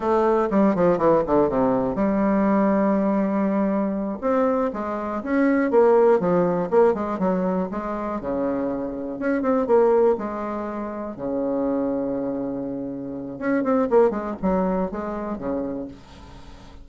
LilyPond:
\new Staff \with { instrumentName = "bassoon" } { \time 4/4 \tempo 4 = 121 a4 g8 f8 e8 d8 c4 | g1~ | g8 c'4 gis4 cis'4 ais8~ | ais8 f4 ais8 gis8 fis4 gis8~ |
gis8 cis2 cis'8 c'8 ais8~ | ais8 gis2 cis4.~ | cis2. cis'8 c'8 | ais8 gis8 fis4 gis4 cis4 | }